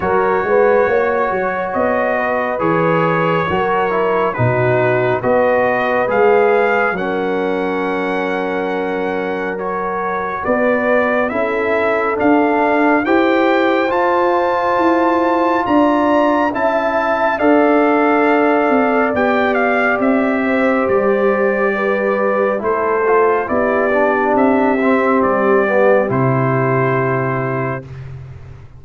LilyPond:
<<
  \new Staff \with { instrumentName = "trumpet" } { \time 4/4 \tempo 4 = 69 cis''2 dis''4 cis''4~ | cis''4 b'4 dis''4 f''4 | fis''2. cis''4 | d''4 e''4 f''4 g''4 |
a''2 ais''4 a''4 | f''2 g''8 f''8 e''4 | d''2 c''4 d''4 | e''4 d''4 c''2 | }
  \new Staff \with { instrumentName = "horn" } { \time 4/4 ais'8 b'8 cis''4. b'4. | ais'4 fis'4 b'2 | ais'1 | b'4 a'2 c''4~ |
c''2 d''4 e''4 | d''2.~ d''8 c''8~ | c''4 b'4 a'4 g'4~ | g'1 | }
  \new Staff \with { instrumentName = "trombone" } { \time 4/4 fis'2. gis'4 | fis'8 e'8 dis'4 fis'4 gis'4 | cis'2. fis'4~ | fis'4 e'4 d'4 g'4 |
f'2. e'4 | a'2 g'2~ | g'2 e'8 f'8 e'8 d'8~ | d'8 c'4 b8 e'2 | }
  \new Staff \with { instrumentName = "tuba" } { \time 4/4 fis8 gis8 ais8 fis8 b4 e4 | fis4 b,4 b4 gis4 | fis1 | b4 cis'4 d'4 e'4 |
f'4 e'4 d'4 cis'4 | d'4. c'8 b4 c'4 | g2 a4 b4 | c'4 g4 c2 | }
>>